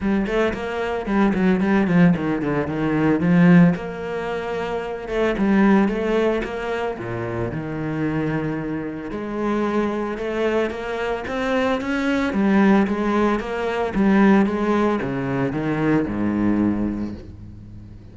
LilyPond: \new Staff \with { instrumentName = "cello" } { \time 4/4 \tempo 4 = 112 g8 a8 ais4 g8 fis8 g8 f8 | dis8 d8 dis4 f4 ais4~ | ais4. a8 g4 a4 | ais4 ais,4 dis2~ |
dis4 gis2 a4 | ais4 c'4 cis'4 g4 | gis4 ais4 g4 gis4 | cis4 dis4 gis,2 | }